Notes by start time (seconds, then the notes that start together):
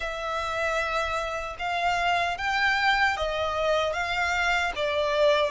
0.00 E5
1.58 F5
2.37 G5
3.16 D#5
3.93 F5
4.75 D5